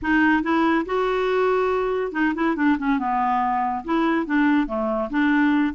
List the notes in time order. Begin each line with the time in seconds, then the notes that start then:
0.02 D#4
0.42 E4
0.85 F#4
2.12 D#4
2.34 E4
2.56 D4
2.78 C#4
2.98 B3
3.84 E4
4.26 D4
4.66 A3
5.10 D4